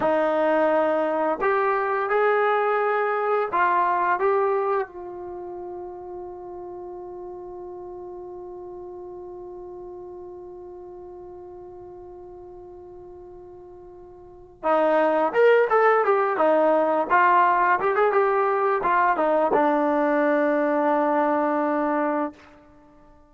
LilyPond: \new Staff \with { instrumentName = "trombone" } { \time 4/4 \tempo 4 = 86 dis'2 g'4 gis'4~ | gis'4 f'4 g'4 f'4~ | f'1~ | f'1~ |
f'1~ | f'4 dis'4 ais'8 a'8 g'8 dis'8~ | dis'8 f'4 g'16 gis'16 g'4 f'8 dis'8 | d'1 | }